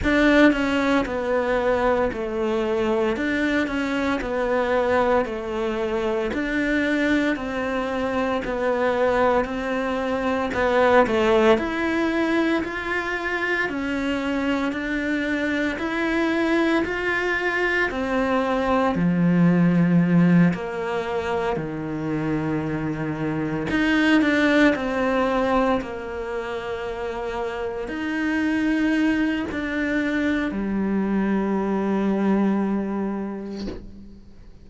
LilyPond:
\new Staff \with { instrumentName = "cello" } { \time 4/4 \tempo 4 = 57 d'8 cis'8 b4 a4 d'8 cis'8 | b4 a4 d'4 c'4 | b4 c'4 b8 a8 e'4 | f'4 cis'4 d'4 e'4 |
f'4 c'4 f4. ais8~ | ais8 dis2 dis'8 d'8 c'8~ | c'8 ais2 dis'4. | d'4 g2. | }